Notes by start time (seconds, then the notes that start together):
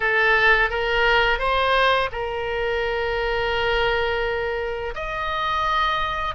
0.00 A4
0.70 A#4
1.38 C5
2.12 A#4
4.94 D#5